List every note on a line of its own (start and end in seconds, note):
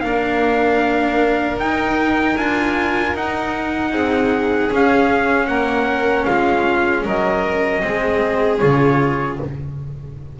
0.00 1.57 A#3
0.00 1.59 D4
0.00 3.91 A#4
0.00 1.56 F5
1.57 2.35 D#4
1.57 2.38 D#4
1.57 2.37 G5
2.36 3.14 D4
2.36 3.15 F4
2.36 3.14 G#5
3.14 3.92 D#4
3.14 4.69 D#4
3.14 4.72 F#5
3.91 4.70 C4
3.91 5.47 G#4
4.69 7.81 C#4
4.69 5.48 C#4
4.69 5.46 F5
5.46 6.26 A#3
5.46 6.26 A#4
5.46 6.24 F#5
6.25 7.05 G#3
6.25 7.04 F4
6.25 7.03 F5
7.04 7.83 F#3
7.04 7.82 A#4
7.04 8.58 D#5
7.81 8.62 G#3
7.81 8.59 C4
7.81 9.39 G#4
8.58 9.40 C#3
8.58 9.39 F4
8.58 9.36 C#5